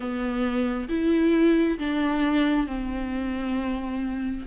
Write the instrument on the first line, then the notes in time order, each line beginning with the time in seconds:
viola
0.00 B3
0.88 E4
1.78 D4
2.66 C4